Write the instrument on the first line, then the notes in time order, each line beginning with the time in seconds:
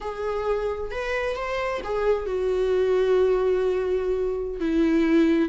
viola
0.00 G#4
0.91 B4
1.36 C5
1.84 G#4
2.26 F#4
4.60 E4